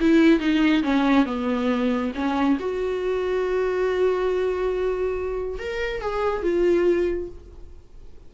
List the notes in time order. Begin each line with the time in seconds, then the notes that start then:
0.00 E4
0.39 D#4
0.83 C#4
1.25 B3
2.14 C#4
2.59 F#4
5.59 A#4
6.01 G#4
6.42 F4